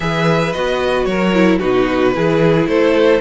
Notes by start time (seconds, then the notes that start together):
0.00 E3 G#4 B4 E5
0.52 B3 F#4 D#5
1.04 F#3 A#4 C#5
1.34 E4
1.58 B2 D#4 F#4 B4
2.14 E3 E4 G#4
2.67 A3 A4 C5